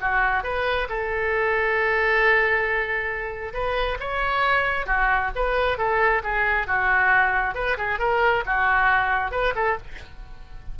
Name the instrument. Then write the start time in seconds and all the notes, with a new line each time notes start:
oboe
0.00 F#4
0.43 B4
0.89 A4
3.53 B4
3.99 C#5
4.86 F#4
5.35 B4
5.77 A4
6.23 G#4
6.66 F#4
7.54 B4
7.77 G#4
7.99 A#4
8.45 F#4
9.31 B4
9.55 A4